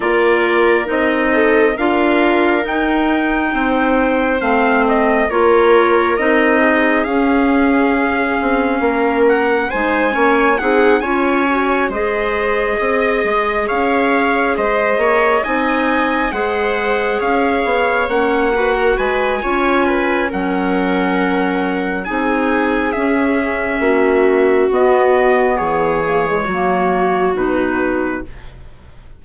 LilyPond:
<<
  \new Staff \with { instrumentName = "trumpet" } { \time 4/4 \tempo 4 = 68 d''4 dis''4 f''4 g''4~ | g''4 f''8 dis''8 cis''4 dis''4 | f''2~ f''8 fis''8 gis''4 | fis''8 gis''4 dis''2 f''8~ |
f''8 dis''4 gis''4 fis''4 f''8~ | f''8 fis''4 gis''4. fis''4~ | fis''4 gis''4 e''2 | dis''4 cis''2 b'4 | }
  \new Staff \with { instrumentName = "viola" } { \time 4/4 ais'4. a'8 ais'2 | c''2 ais'4. gis'8~ | gis'2 ais'4 c''8 cis''8 | gis'8 cis''4 c''4 dis''4 cis''8~ |
cis''8 c''8 cis''8 dis''4 c''4 cis''8~ | cis''4 b'16 ais'16 b'8 cis''8 b'8 ais'4~ | ais'4 gis'2 fis'4~ | fis'4 gis'4 fis'2 | }
  \new Staff \with { instrumentName = "clarinet" } { \time 4/4 f'4 dis'4 f'4 dis'4~ | dis'4 c'4 f'4 dis'4 | cis'2. dis'8 cis'8 | dis'8 f'8 fis'8 gis'2~ gis'8~ |
gis'4. dis'4 gis'4.~ | gis'8 cis'8 fis'4 f'4 cis'4~ | cis'4 dis'4 cis'2 | b4. ais16 gis16 ais4 dis'4 | }
  \new Staff \with { instrumentName = "bassoon" } { \time 4/4 ais4 c'4 d'4 dis'4 | c'4 a4 ais4 c'4 | cis'4. c'8 ais4 gis8 ais8 | c'8 cis'4 gis4 c'8 gis8 cis'8~ |
cis'8 gis8 ais8 c'4 gis4 cis'8 | b8 ais4 gis8 cis'4 fis4~ | fis4 c'4 cis'4 ais4 | b4 e4 fis4 b,4 | }
>>